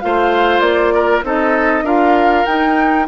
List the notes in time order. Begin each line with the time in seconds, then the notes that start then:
0.00 A3 F4 C5 F5
0.60 A#3 D5
0.94 A#4
1.24 C4 D#4 A4 D#5
1.83 D4 F4 A#4 F5
2.46 D#4 G5